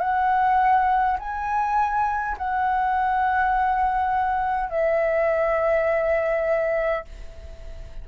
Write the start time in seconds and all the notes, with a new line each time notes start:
0.00 F#5
1.19 G#5
2.37 F#5
4.70 E5